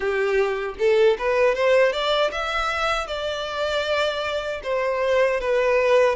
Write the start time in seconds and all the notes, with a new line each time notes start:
0.00 G4
0.78 A4
1.18 B4
1.55 C5
1.92 D5
2.31 E5
3.07 D5
4.63 C5
5.40 B4